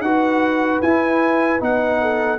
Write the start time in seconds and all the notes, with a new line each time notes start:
0.00 D#4 F#4 B4 F#5
0.81 E4 G#5
1.59 B3 D#4 F#5
2.01 A4